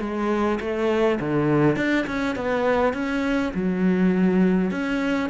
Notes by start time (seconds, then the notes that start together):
0.00 G#3
0.60 A3
1.20 D3
1.76 D4
2.06 C#4
2.35 B3
2.93 C#4
3.54 F#3
4.71 C#4